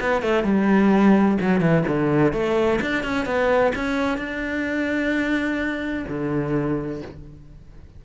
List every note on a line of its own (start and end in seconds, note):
0.00 0.22 B3
0.22 0.43 A3
0.43 1.37 G3
1.41 1.60 F#3
1.60 1.83 E3
1.87 2.32 D3
2.32 2.79 A3
2.81 3.03 D4
3.03 3.25 C#4
3.25 3.72 B3
3.75 4.17 C#4
4.17 6.05 D4
6.08 7.02 D3